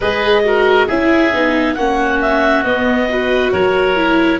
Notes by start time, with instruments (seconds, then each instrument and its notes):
0.00 tuba G#3, viola G#4, oboe B4, clarinet D#5
0.44 viola F#4, oboe A#4
0.87 tuba C#4, viola E4, oboe G#4, clarinet E5
1.32 tuba B3, viola D#4
1.74 tuba A#3, viola C#4, oboe F#4, clarinet F#5
2.21 clarinet E5
2.63 tuba B3, viola B3, clarinet D#5
3.08 viola F#4, oboe B4
3.52 tuba F#3, oboe A#4, clarinet C#5
3.95 viola E4